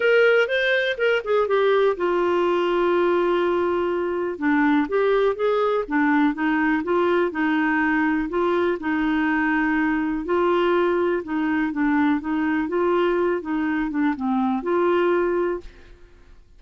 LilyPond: \new Staff \with { instrumentName = "clarinet" } { \time 4/4 \tempo 4 = 123 ais'4 c''4 ais'8 gis'8 g'4 | f'1~ | f'4 d'4 g'4 gis'4 | d'4 dis'4 f'4 dis'4~ |
dis'4 f'4 dis'2~ | dis'4 f'2 dis'4 | d'4 dis'4 f'4. dis'8~ | dis'8 d'8 c'4 f'2 | }